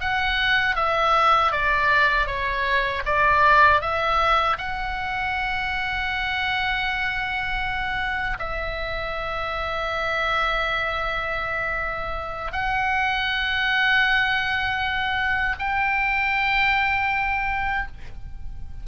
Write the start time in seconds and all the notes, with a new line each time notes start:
0.00 F#5
0.76 E5
1.52 D5
2.27 C#5
3.06 D5
3.81 E5
4.58 F#5
8.39 E5
12.52 F#5
15.59 G5